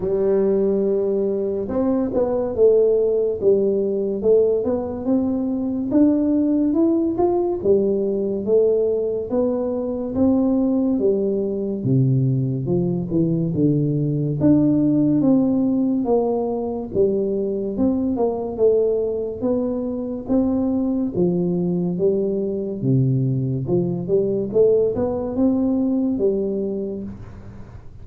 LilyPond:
\new Staff \with { instrumentName = "tuba" } { \time 4/4 \tempo 4 = 71 g2 c'8 b8 a4 | g4 a8 b8 c'4 d'4 | e'8 f'8 g4 a4 b4 | c'4 g4 c4 f8 e8 |
d4 d'4 c'4 ais4 | g4 c'8 ais8 a4 b4 | c'4 f4 g4 c4 | f8 g8 a8 b8 c'4 g4 | }